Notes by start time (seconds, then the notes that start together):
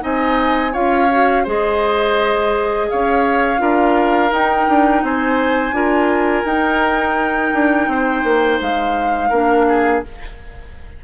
0.00 C4 D#4 D#5 G#5
0.72 C#4 F4 C#5 F5
1.11 F#4
1.43 G#3 G#4 C5 D#5
2.89 C#4 C#5 F5
3.57 D4 F4 A#4
4.31 D#4 G5
4.68 D4
5.02 C4 C5 G#5
5.72 D4 F4 A#4
6.44 D#4 G5
7.53 D4
7.87 C4 C5
8.23 A#3
8.60 G#3 F5
9.29 A#3 D4 A#4
9.68 G#4